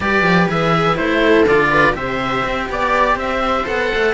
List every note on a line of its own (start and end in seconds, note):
0.00 0.22 G3
0.00 0.49 G4
0.00 1.21 B4
0.00 0.48 D5
0.22 0.46 F3
0.49 0.97 E3
0.49 0.95 G#4
0.49 0.96 E5
0.95 1.46 A3
0.95 1.44 E4
0.95 1.45 C5
1.24 1.70 A4
1.46 1.94 D3
1.46 1.93 F4
1.46 1.95 D5
1.70 1.94 B4
1.93 2.43 C3
1.93 3.64 G4
1.93 2.70 C5
1.93 2.68 E5
2.44 2.68 C4
2.69 3.15 B3
2.69 3.15 D5
2.69 3.18 D5
3.15 3.64 C4
3.15 4.13 C5
3.15 3.67 E5
3.64 3.92 B3
3.64 4.13 A4
3.64 4.14 F#5
3.94 4.14 A3